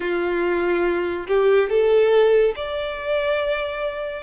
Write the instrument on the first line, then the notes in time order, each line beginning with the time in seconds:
violin
0.00 F4
1.27 G4
1.69 A4
2.56 D5